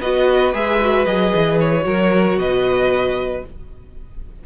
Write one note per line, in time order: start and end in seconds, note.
0.00 0.53 B3
0.00 0.53 F#4
0.00 1.84 B4
0.00 0.54 D#5
0.53 1.06 G#3
0.53 0.79 G#4
0.53 1.05 E5
0.81 1.06 F#4
1.05 1.33 F#3
1.05 1.81 G#4
1.05 1.58 D#5
1.35 1.85 E3
1.60 2.38 C#5
1.81 2.37 F#3
1.81 3.39 F#4
1.81 2.39 A#4
2.37 3.42 B2
2.37 3.46 B4
2.37 3.44 D#5